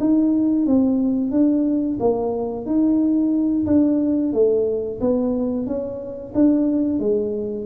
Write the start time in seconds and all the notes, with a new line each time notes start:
0.00 D#4
0.66 C4
1.31 D4
2.00 A#3
2.66 D#4
3.67 D4
4.33 A3
5.01 B3
5.67 C#4
6.35 D4
7.00 G#3